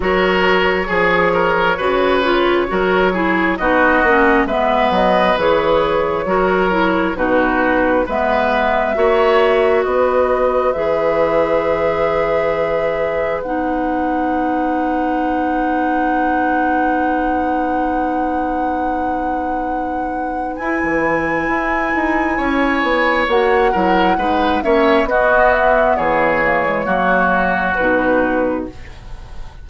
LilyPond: <<
  \new Staff \with { instrumentName = "flute" } { \time 4/4 \tempo 4 = 67 cis''1 | dis''4 e''8 dis''8 cis''2 | b'4 e''2 dis''4 | e''2. fis''4~ |
fis''1~ | fis''2. gis''4~ | gis''2 fis''4. e''8 | dis''8 e''8 cis''2 b'4 | }
  \new Staff \with { instrumentName = "oboe" } { \time 4/4 ais'4 gis'8 ais'8 b'4 ais'8 gis'8 | fis'4 b'2 ais'4 | fis'4 b'4 cis''4 b'4~ | b'1~ |
b'1~ | b'1~ | b'4 cis''4. ais'8 b'8 cis''8 | fis'4 gis'4 fis'2 | }
  \new Staff \with { instrumentName = "clarinet" } { \time 4/4 fis'4 gis'4 fis'8 f'8 fis'8 e'8 | dis'8 cis'8 b4 gis'4 fis'8 e'8 | dis'4 b4 fis'2 | gis'2. dis'4~ |
dis'1~ | dis'2. e'4~ | e'2 fis'8 e'8 dis'8 cis'8 | b4. ais16 gis16 ais4 dis'4 | }
  \new Staff \with { instrumentName = "bassoon" } { \time 4/4 fis4 f4 cis4 fis4 | b8 ais8 gis8 fis8 e4 fis4 | b,4 gis4 ais4 b4 | e2. b4~ |
b1~ | b2. e'16 e8. | e'8 dis'8 cis'8 b8 ais8 fis8 gis8 ais8 | b4 e4 fis4 b,4 | }
>>